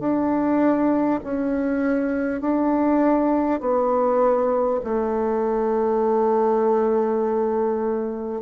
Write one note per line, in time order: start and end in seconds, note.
0.00 1.20 D4
1.24 2.42 C#4
2.42 3.61 D4
3.61 4.81 B3
4.84 8.42 A3